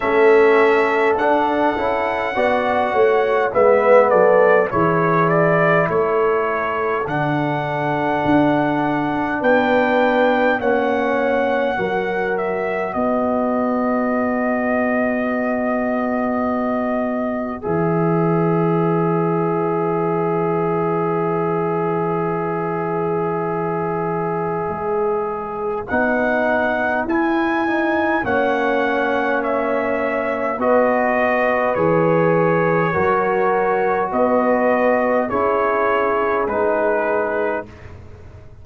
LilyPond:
<<
  \new Staff \with { instrumentName = "trumpet" } { \time 4/4 \tempo 4 = 51 e''4 fis''2 e''8 d''8 | cis''8 d''8 cis''4 fis''2 | g''4 fis''4. e''8 dis''4~ | dis''2. e''4~ |
e''1~ | e''2 fis''4 gis''4 | fis''4 e''4 dis''4 cis''4~ | cis''4 dis''4 cis''4 b'4 | }
  \new Staff \with { instrumentName = "horn" } { \time 4/4 a'2 d''8 cis''8 b'8 a'8 | gis'4 a'2. | b'4 cis''4 ais'4 b'4~ | b'1~ |
b'1~ | b'1 | cis''2 b'2 | ais'4 b'4 gis'2 | }
  \new Staff \with { instrumentName = "trombone" } { \time 4/4 cis'4 d'8 e'8 fis'4 b4 | e'2 d'2~ | d'4 cis'4 fis'2~ | fis'2. gis'4~ |
gis'1~ | gis'2 dis'4 e'8 dis'8 | cis'2 fis'4 gis'4 | fis'2 e'4 dis'4 | }
  \new Staff \with { instrumentName = "tuba" } { \time 4/4 a4 d'8 cis'8 b8 a8 gis8 fis8 | e4 a4 d4 d'4 | b4 ais4 fis4 b4~ | b2. e4~ |
e1~ | e4 gis4 b4 e'4 | ais2 b4 e4 | fis4 b4 cis'4 gis4 | }
>>